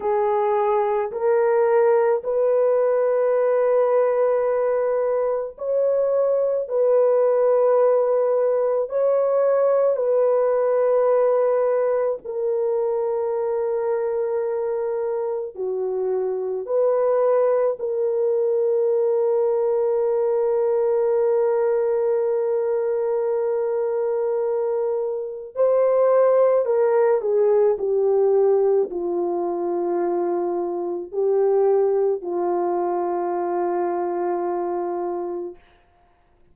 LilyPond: \new Staff \with { instrumentName = "horn" } { \time 4/4 \tempo 4 = 54 gis'4 ais'4 b'2~ | b'4 cis''4 b'2 | cis''4 b'2 ais'4~ | ais'2 fis'4 b'4 |
ais'1~ | ais'2. c''4 | ais'8 gis'8 g'4 f'2 | g'4 f'2. | }